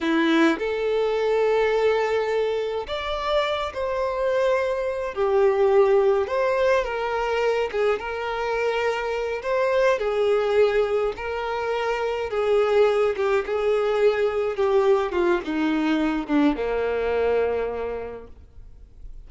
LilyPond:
\new Staff \with { instrumentName = "violin" } { \time 4/4 \tempo 4 = 105 e'4 a'2.~ | a'4 d''4. c''4.~ | c''4 g'2 c''4 | ais'4. gis'8 ais'2~ |
ais'8 c''4 gis'2 ais'8~ | ais'4. gis'4. g'8 gis'8~ | gis'4. g'4 f'8 dis'4~ | dis'8 d'8 ais2. | }